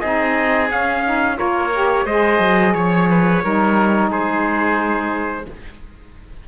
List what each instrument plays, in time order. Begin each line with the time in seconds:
0.00 cello C4, saxophone D#4, oboe G#4, trumpet D#5
0.68 saxophone C#4, cello C#4, trumpet F5
1.05 saxophone D#4
1.36 cello A#3, saxophone F4, oboe A#4, trumpet C#5
1.73 saxophone G4
2.05 cello G#3, saxophone G#4, oboe C5, trumpet D#5
2.39 cello F#3
2.74 cello F3, trumpet C#5, oboe C#5
3.10 oboe B4
3.43 cello G3, saxophone D#4, oboe A#4
4.10 cello G#3, oboe G#4, trumpet C5